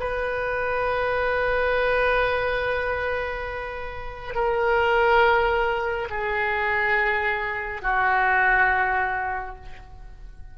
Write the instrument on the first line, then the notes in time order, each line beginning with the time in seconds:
oboe
0.00 B4
4.35 A#4
6.10 G#4
7.82 F#4